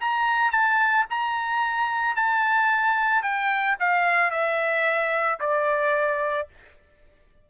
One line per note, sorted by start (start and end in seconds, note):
0.00 0.51 A#5
0.51 1.05 A5
1.10 2.16 A#5
2.16 3.22 A5
3.22 3.76 G5
3.80 4.31 F5
4.31 5.39 E5
5.40 6.48 D5